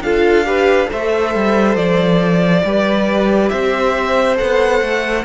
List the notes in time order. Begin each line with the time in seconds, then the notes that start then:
0.00 D4 F4 A4 F5
0.45 G4 B4
0.85 A4 C5
0.92 A3 E5
1.35 G3
1.76 F3 D5
2.64 G3 G4 B4
3.49 C4 C5 E5
4.35 B3 A4 F#5
4.81 A3